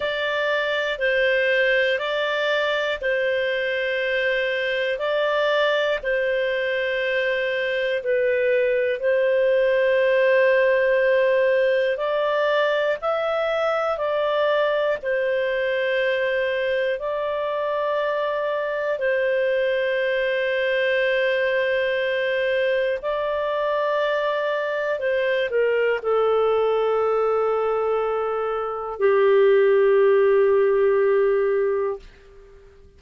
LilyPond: \new Staff \with { instrumentName = "clarinet" } { \time 4/4 \tempo 4 = 60 d''4 c''4 d''4 c''4~ | c''4 d''4 c''2 | b'4 c''2. | d''4 e''4 d''4 c''4~ |
c''4 d''2 c''4~ | c''2. d''4~ | d''4 c''8 ais'8 a'2~ | a'4 g'2. | }